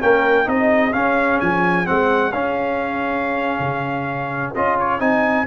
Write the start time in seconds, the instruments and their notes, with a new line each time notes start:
0.00 tuba A#3, trombone C#4, horn A#4, trumpet G5
0.45 tuba C4, trombone D#4, horn G#4, trumpet D#5
0.92 trombone C#4, tuba C#4, trumpet F5
1.40 tuba F3, trumpet G#5
1.85 tuba G#3, trombone C4, trumpet F#5
2.32 tuba C#4, trombone C#4, trumpet F5
3.59 tuba C#3
4.54 tuba C#4, trombone F4, trumpet D#5
4.79 trumpet C#5
4.99 tuba C4, trombone D#4, trumpet G#5